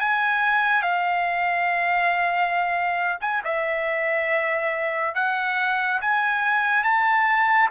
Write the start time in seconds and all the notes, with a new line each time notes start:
0.00 G#5
0.83 F5
3.21 G#5
3.45 E5
5.15 F#5
6.01 G#5
6.84 A5